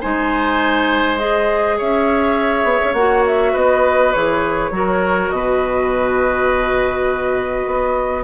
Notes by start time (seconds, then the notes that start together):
0.00 G#3 D#4 C5 G#5
1.18 G#4 D#5
1.78 C#4 C#5 E5
2.64 B3
2.84 C#4
2.93 A#3 F#4 F#5
3.26 E5
3.53 B3 B4 D#5
4.12 E3 G#4 C#5
4.70 F#3 F#4 A#4
5.30 B2 B4 D#5
7.66 B3